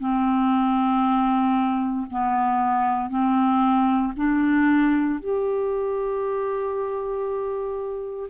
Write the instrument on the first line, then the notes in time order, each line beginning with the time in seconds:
clarinet
0.00 C4
2.11 B3
3.10 C4
4.17 D4
5.20 G4